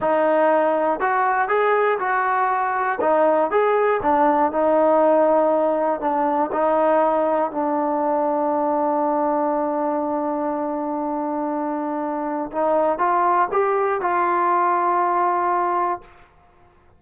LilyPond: \new Staff \with { instrumentName = "trombone" } { \time 4/4 \tempo 4 = 120 dis'2 fis'4 gis'4 | fis'2 dis'4 gis'4 | d'4 dis'2. | d'4 dis'2 d'4~ |
d'1~ | d'1~ | d'4 dis'4 f'4 g'4 | f'1 | }